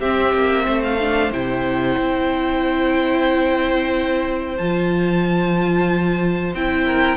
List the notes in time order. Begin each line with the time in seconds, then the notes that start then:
0.00 C4 G4 E5
0.34 A#3
0.66 A3 C5
0.84 F5
1.01 D4
1.31 C3 E4 G5
1.98 C4
4.58 F3 F4 A5
6.55 C4 E4 G5
6.86 A#4